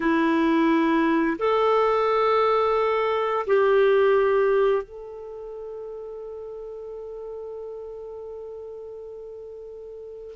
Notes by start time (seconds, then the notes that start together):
0.00 E4
1.39 A4
3.46 G4
4.83 A4